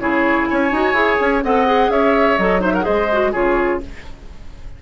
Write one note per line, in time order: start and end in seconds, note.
0.00 0.48 C#3
0.00 0.71 E4
0.00 0.49 G#4
0.00 0.46 C#5
0.46 0.72 C#4
0.46 1.44 C#5
0.46 1.41 G#5
0.72 0.93 D#4
0.72 0.94 F#4
0.93 1.17 E4
0.93 1.42 G#4
1.20 1.44 C#4
1.44 1.89 C4
1.44 1.66 A4
1.44 1.92 D#5
1.44 1.91 F#5
1.66 2.38 G#4
1.89 2.37 C#4
1.89 2.61 C#5
1.89 2.38 E5
2.38 2.86 F#3
2.38 2.61 A4
2.38 2.62 D#5
2.61 2.82 D#4
2.61 2.73 C5
2.61 2.75 E5
2.74 2.84 A#4
2.74 2.85 F#5
2.82 3.06 G#4
2.82 3.32 C5
2.82 3.33 D#5
2.88 3.35 G#3
3.12 3.33 F#4
3.32 3.82 C#3
3.32 3.81 F4
3.32 3.79 G#4
3.32 3.81 C#5